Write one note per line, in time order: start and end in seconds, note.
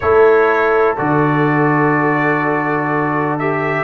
0.00 0.98 A3
0.00 0.97 E4
0.00 3.84 A4
0.00 0.95 C#5
0.97 3.84 D3
0.97 3.39 F#4
0.97 3.38 D5
3.38 3.84 G4
3.38 3.84 E5